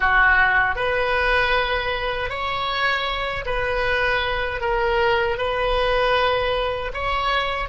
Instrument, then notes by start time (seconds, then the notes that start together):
oboe
0.00 F#4
0.75 B4
2.29 C#5
3.45 B4
4.60 A#4
5.37 B4
6.93 C#5